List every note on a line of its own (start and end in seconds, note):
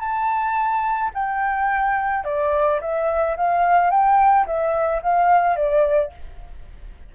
0.00 1.11 A5
1.15 2.25 G5
2.25 2.80 D5
2.81 3.37 E5
3.37 3.91 F5
3.91 4.46 G5
4.47 5.02 E5
5.03 5.57 F5
5.57 6.12 D5